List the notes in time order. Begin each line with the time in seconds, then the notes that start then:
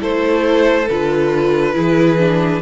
0.00 A3 E4 A4 C5
0.89 D3 F4 B4
1.74 E3 E4 G#4
2.19 D4